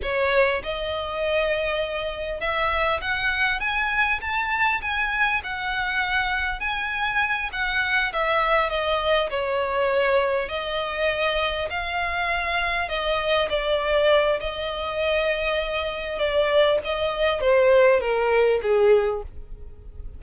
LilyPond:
\new Staff \with { instrumentName = "violin" } { \time 4/4 \tempo 4 = 100 cis''4 dis''2. | e''4 fis''4 gis''4 a''4 | gis''4 fis''2 gis''4~ | gis''8 fis''4 e''4 dis''4 cis''8~ |
cis''4. dis''2 f''8~ | f''4. dis''4 d''4. | dis''2. d''4 | dis''4 c''4 ais'4 gis'4 | }